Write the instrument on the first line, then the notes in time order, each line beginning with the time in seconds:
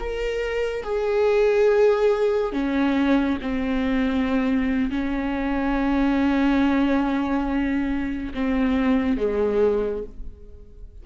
viola
0.00 A#4
0.83 G#4
2.53 C#4
3.42 C4
4.91 C#4
8.35 C4
9.18 G#3